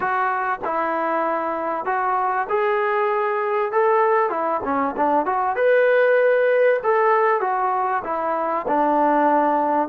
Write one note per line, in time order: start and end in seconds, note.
0.00 0.59 F#4
0.64 1.85 E4
1.85 2.47 F#4
2.49 3.72 G#4
3.72 4.29 A4
4.29 4.60 E4
4.64 4.95 C#4
4.97 5.25 D4
5.25 5.56 F#4
5.56 6.80 B4
6.83 7.41 A4
7.41 8.02 F#4
8.04 8.65 E4
8.67 9.88 D4